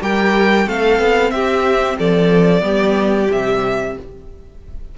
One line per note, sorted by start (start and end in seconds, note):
0.00 0.67 G3
0.00 0.66 G4
0.00 0.67 A#4
0.00 0.69 G5
0.66 1.00 A3
0.66 2.61 C4
0.66 1.33 A4
0.66 1.31 F5
1.00 1.32 B3
1.31 1.98 C4
1.31 1.99 G4
1.31 1.97 E5
1.99 2.62 F3
1.99 2.64 A4
1.99 3.32 D5
2.61 3.28 G3
2.61 3.27 B3
2.61 3.95 G4
3.30 3.97 C3
3.30 3.96 G3
3.30 3.98 E5